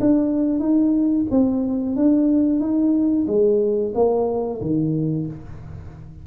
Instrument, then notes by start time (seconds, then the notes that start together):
tuba
0.00 D4
0.59 D#4
1.30 C4
1.95 D4
2.60 D#4
3.27 G#3
3.95 A#3
4.61 D#3